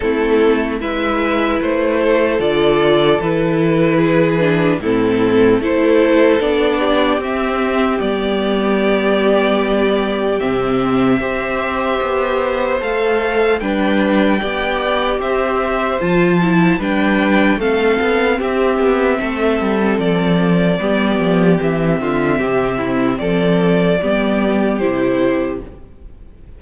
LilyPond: <<
  \new Staff \with { instrumentName = "violin" } { \time 4/4 \tempo 4 = 75 a'4 e''4 c''4 d''4 | b'2 a'4 c''4 | d''4 e''4 d''2~ | d''4 e''2. |
f''4 g''2 e''4 | a''4 g''4 f''4 e''4~ | e''4 d''2 e''4~ | e''4 d''2 c''4 | }
  \new Staff \with { instrumentName = "violin" } { \time 4/4 e'4 b'4. a'4.~ | a'4 gis'4 e'4 a'4~ | a'8 g'2.~ g'8~ | g'2 c''2~ |
c''4 b'4 d''4 c''4~ | c''4 b'4 a'4 g'4 | a'2 g'4. f'8 | g'8 e'8 a'4 g'2 | }
  \new Staff \with { instrumentName = "viola" } { \time 4/4 c'4 e'2 f'4 | e'4. d'8 c'4 e'4 | d'4 c'4 b2~ | b4 c'4 g'2 |
a'4 d'4 g'2 | f'8 e'8 d'4 c'2~ | c'2 b4 c'4~ | c'2 b4 e'4 | }
  \new Staff \with { instrumentName = "cello" } { \time 4/4 a4 gis4 a4 d4 | e2 a,4 a4 | b4 c'4 g2~ | g4 c4 c'4 b4 |
a4 g4 b4 c'4 | f4 g4 a8 b8 c'8 b8 | a8 g8 f4 g8 f8 e8 d8 | c4 f4 g4 c4 | }
>>